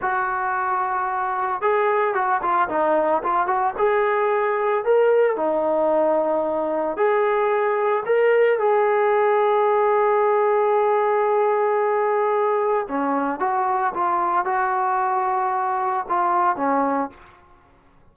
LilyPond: \new Staff \with { instrumentName = "trombone" } { \time 4/4 \tempo 4 = 112 fis'2. gis'4 | fis'8 f'8 dis'4 f'8 fis'8 gis'4~ | gis'4 ais'4 dis'2~ | dis'4 gis'2 ais'4 |
gis'1~ | gis'1 | cis'4 fis'4 f'4 fis'4~ | fis'2 f'4 cis'4 | }